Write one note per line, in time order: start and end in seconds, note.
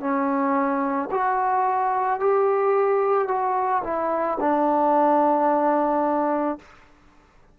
0.00 1.09 C#4
1.11 2.20 F#4
2.20 3.28 G4
3.28 3.82 F#4
3.83 4.38 E4
4.40 6.59 D4